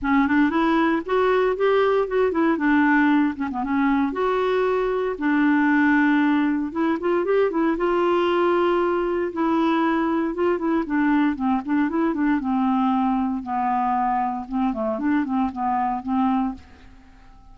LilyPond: \new Staff \with { instrumentName = "clarinet" } { \time 4/4 \tempo 4 = 116 cis'8 d'8 e'4 fis'4 g'4 | fis'8 e'8 d'4. cis'16 b16 cis'4 | fis'2 d'2~ | d'4 e'8 f'8 g'8 e'8 f'4~ |
f'2 e'2 | f'8 e'8 d'4 c'8 d'8 e'8 d'8 | c'2 b2 | c'8 a8 d'8 c'8 b4 c'4 | }